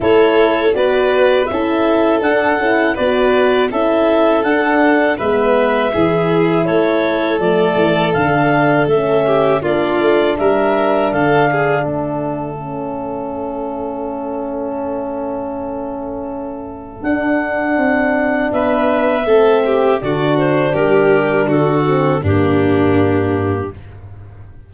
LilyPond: <<
  \new Staff \with { instrumentName = "clarinet" } { \time 4/4 \tempo 4 = 81 cis''4 d''4 e''4 fis''4 | d''4 e''4 fis''4 e''4~ | e''4 cis''4 d''4 f''4 | e''4 d''4 e''4 f''4 |
e''1~ | e''2. fis''4~ | fis''4 e''2 d''8 c''8 | ais'4 a'4 g'2 | }
  \new Staff \with { instrumentName = "violin" } { \time 4/4 a'4 b'4 a'2 | b'4 a'2 b'4 | gis'4 a'2.~ | a'8 g'8 f'4 ais'4 a'8 gis'8 |
a'1~ | a'1~ | a'4 b'4 a'8 g'8 fis'4 | g'4 fis'4 d'2 | }
  \new Staff \with { instrumentName = "horn" } { \time 4/4 e'4 fis'4 e'4 d'8 e'8 | fis'4 e'4 d'4 b4 | e'2 a4 d'4 | cis'4 d'2.~ |
d'4 cis'2.~ | cis'2. d'4~ | d'2 c'4 d'4~ | d'4. c'8 ais2 | }
  \new Staff \with { instrumentName = "tuba" } { \time 4/4 a4 b4 cis'4 d'8 cis'8 | b4 cis'4 d'4 gis4 | e4 a4 f8 e8 d4 | a4 ais8 a8 g4 d4 |
a1~ | a2. d'4 | c'4 b4 a4 d4 | g4 d4 g,2 | }
>>